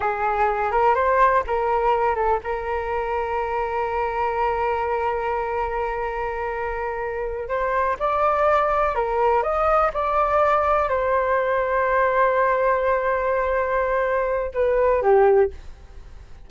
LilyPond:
\new Staff \with { instrumentName = "flute" } { \time 4/4 \tempo 4 = 124 gis'4. ais'8 c''4 ais'4~ | ais'8 a'8 ais'2.~ | ais'1~ | ais'2.~ ais'8 c''8~ |
c''8 d''2 ais'4 dis''8~ | dis''8 d''2 c''4.~ | c''1~ | c''2 b'4 g'4 | }